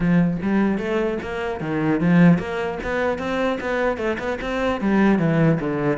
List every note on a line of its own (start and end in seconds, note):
0.00 0.37 F3
0.42 0.77 G3
0.77 1.17 A3
1.22 1.60 A#3
1.60 2.00 D#3
2.00 2.38 F3
2.38 2.78 A#3
2.83 3.18 B3
3.18 3.58 C4
3.60 3.97 B3
3.97 4.17 A3
4.18 4.38 B3
4.41 4.80 C4
4.80 5.18 G3
5.18 5.58 E3
5.60 5.98 D3